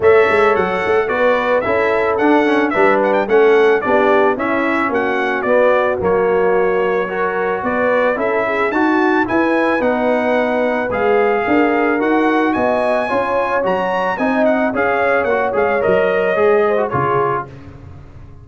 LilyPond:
<<
  \new Staff \with { instrumentName = "trumpet" } { \time 4/4 \tempo 4 = 110 e''4 fis''4 d''4 e''4 | fis''4 e''8 fis''16 g''16 fis''4 d''4 | e''4 fis''4 d''4 cis''4~ | cis''2 d''4 e''4 |
a''4 gis''4 fis''2 | f''2 fis''4 gis''4~ | gis''4 ais''4 gis''8 fis''8 f''4 | fis''8 f''8 dis''2 cis''4 | }
  \new Staff \with { instrumentName = "horn" } { \time 4/4 cis''2 b'4 a'4~ | a'4 b'4 a'4 g'4 | e'4 fis'2.~ | fis'4 ais'4 b'4 a'8 gis'8 |
fis'4 b'2.~ | b'4 ais'2 dis''4 | cis''2 dis''4 cis''4~ | cis''2~ cis''8 c''8 gis'4 | }
  \new Staff \with { instrumentName = "trombone" } { \time 4/4 a'2 fis'4 e'4 | d'8 cis'8 d'4 cis'4 d'4 | cis'2 b4 ais4~ | ais4 fis'2 e'4 |
fis'4 e'4 dis'2 | gis'2 fis'2 | f'4 fis'4 dis'4 gis'4 | fis'8 gis'8 ais'4 gis'8. fis'16 f'4 | }
  \new Staff \with { instrumentName = "tuba" } { \time 4/4 a8 gis8 fis8 a8 b4 cis'4 | d'4 g4 a4 b4 | cis'4 ais4 b4 fis4~ | fis2 b4 cis'4 |
dis'4 e'4 b2 | gis4 d'4 dis'4 b4 | cis'4 fis4 c'4 cis'4 | ais8 gis8 fis4 gis4 cis4 | }
>>